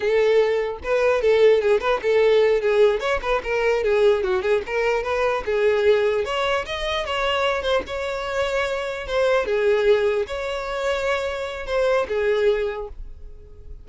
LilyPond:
\new Staff \with { instrumentName = "violin" } { \time 4/4 \tempo 4 = 149 a'2 b'4 a'4 | gis'8 b'8 a'4. gis'4 cis''8 | b'8 ais'4 gis'4 fis'8 gis'8 ais'8~ | ais'8 b'4 gis'2 cis''8~ |
cis''8 dis''4 cis''4. c''8 cis''8~ | cis''2~ cis''8 c''4 gis'8~ | gis'4. cis''2~ cis''8~ | cis''4 c''4 gis'2 | }